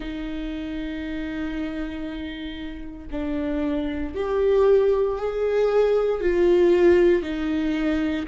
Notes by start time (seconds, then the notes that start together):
0.00 D#4
3.11 D4
4.14 G4
5.17 G#4
6.20 F4
7.22 D#4